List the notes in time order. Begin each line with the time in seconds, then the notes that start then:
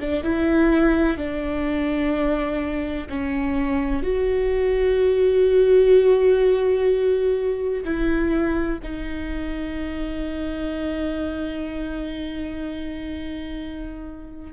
0.00 D4
0.23 E4
1.17 D4
3.09 C#4
4.03 F#4
7.84 E4
8.83 D#4